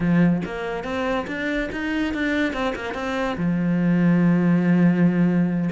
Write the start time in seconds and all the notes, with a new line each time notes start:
0.00 F3
0.45 A#3
0.84 C4
1.27 D4
1.72 D#4
2.14 D4
2.53 C4
2.75 A#3
2.94 C4
3.37 F3